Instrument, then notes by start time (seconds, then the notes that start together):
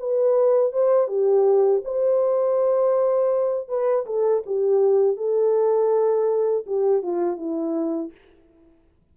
horn
0.00 B4
0.73 C5
1.08 G4
1.85 C5
3.69 B4
4.06 A4
4.46 G4
5.17 A4
6.67 G4
7.03 F4
7.37 E4